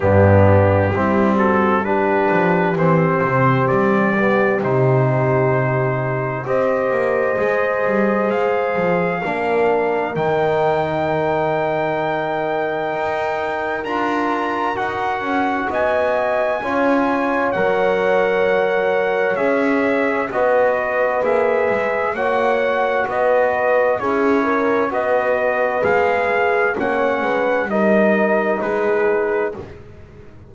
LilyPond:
<<
  \new Staff \with { instrumentName = "trumpet" } { \time 4/4 \tempo 4 = 65 g'4. a'8 b'4 c''4 | d''4 c''2 dis''4~ | dis''4 f''2 g''4~ | g''2. ais''4 |
fis''4 gis''2 fis''4~ | fis''4 e''4 dis''4 e''4 | fis''4 dis''4 cis''4 dis''4 | f''4 fis''4 dis''4 b'4 | }
  \new Staff \with { instrumentName = "horn" } { \time 4/4 d'4 e'8 fis'8 g'2~ | g'2. c''4~ | c''2 ais'2~ | ais'1~ |
ais'4 dis''4 cis''2~ | cis''2 b'2 | cis''4 b'4 gis'8 ais'8 b'4~ | b'4 cis''8 b'8 ais'4 gis'4 | }
  \new Staff \with { instrumentName = "trombone" } { \time 4/4 b4 c'4 d'4 c'4~ | c'8 b8 dis'2 g'4 | gis'2 d'4 dis'4~ | dis'2. f'4 |
fis'2 f'4 ais'4~ | ais'4 gis'4 fis'4 gis'4 | fis'2 e'4 fis'4 | gis'4 cis'4 dis'2 | }
  \new Staff \with { instrumentName = "double bass" } { \time 4/4 g,4 g4. f8 e8 c8 | g4 c2 c'8 ais8 | gis8 g8 gis8 f8 ais4 dis4~ | dis2 dis'4 d'4 |
dis'8 cis'8 b4 cis'4 fis4~ | fis4 cis'4 b4 ais8 gis8 | ais4 b4 cis'4 b4 | gis4 ais8 gis8 g4 gis4 | }
>>